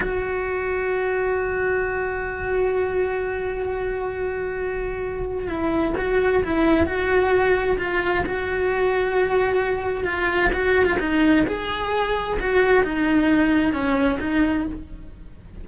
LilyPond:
\new Staff \with { instrumentName = "cello" } { \time 4/4 \tempo 4 = 131 fis'1~ | fis'1~ | fis'1 | e'4 fis'4 e'4 fis'4~ |
fis'4 f'4 fis'2~ | fis'2 f'4 fis'8. f'16 | dis'4 gis'2 fis'4 | dis'2 cis'4 dis'4 | }